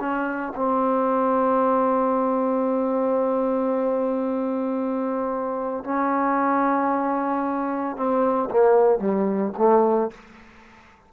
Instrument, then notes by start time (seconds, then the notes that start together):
trombone
0.00 C#4
0.56 C4
5.85 C#4
7.97 C4
8.51 A#3
9.00 G3
9.58 A3